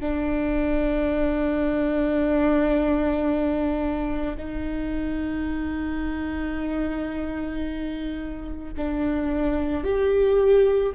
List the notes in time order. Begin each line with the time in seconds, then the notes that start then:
0.00 D4
4.37 D#4
8.77 D4
9.84 G4